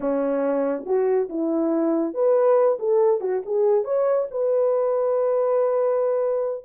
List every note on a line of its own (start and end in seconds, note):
0.00 0.85 C#4
0.86 1.29 F#4
1.29 2.14 E4
2.14 2.78 B4
2.79 3.20 A4
3.20 3.42 F#4
3.45 3.84 G#4
3.84 4.27 C#5
4.31 6.64 B4